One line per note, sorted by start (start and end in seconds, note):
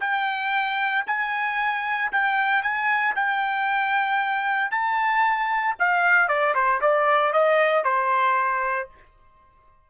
0.00 1.04 G5
1.07 2.11 G#5
2.12 2.62 G5
2.62 3.14 G#5
3.15 4.71 G5
4.71 5.75 A5
5.79 6.28 F5
6.28 6.54 D5
6.54 6.80 C5
6.81 7.33 D5
7.33 7.84 D#5
7.84 8.89 C5